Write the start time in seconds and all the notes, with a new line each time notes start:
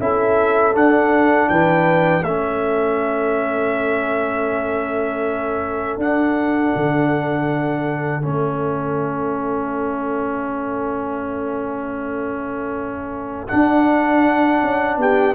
0.00 C#4 E4 A4 E5
0.73 D4 F#5
1.49 E3 B4 G5
2.23 A3 C#4 A4 E5
5.98 D4 F#5
6.76 D3
8.22 A3 C#4 E5
13.48 D4 F#5
14.62 C#4
14.97 B3 G4 G5